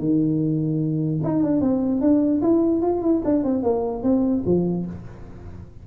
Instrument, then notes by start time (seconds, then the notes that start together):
tuba
0.00 D#3
1.24 D#4
1.43 D4
1.61 C4
2.02 D4
2.42 E4
2.82 F4
3.02 E4
3.25 D4
3.44 C4
3.64 A#3
4.04 C4
4.46 F3